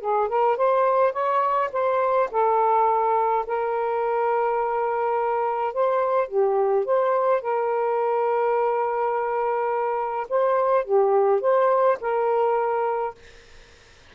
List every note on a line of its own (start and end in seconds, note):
0.00 0.28 G#4
0.28 0.57 A#4
0.57 1.12 C5
1.12 1.69 C#5
1.72 2.29 C5
2.31 3.45 A4
3.46 5.73 A#4
5.73 6.28 C5
6.28 6.85 G4
6.85 7.41 C5
7.41 10.27 A#4
10.29 10.84 C5
10.84 11.41 G4
11.41 11.98 C5
12.00 13.15 A#4